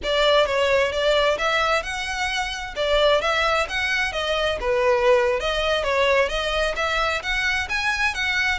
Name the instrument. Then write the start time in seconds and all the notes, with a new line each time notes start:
violin
0.03 D5
0.46 C#5
0.92 D5
1.38 E5
1.82 F#5
2.76 D5
3.21 E5
3.68 F#5
4.12 D#5
4.60 B4
5.40 D#5
5.83 C#5
6.29 D#5
6.76 E5
7.22 F#5
7.69 G#5
8.14 F#5